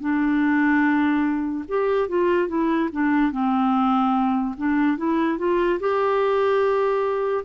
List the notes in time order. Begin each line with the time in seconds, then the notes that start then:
0.00 D4
1.68 G4
2.08 F4
2.48 E4
2.92 D4
3.31 C4
4.57 D4
4.97 E4
5.38 F4
5.79 G4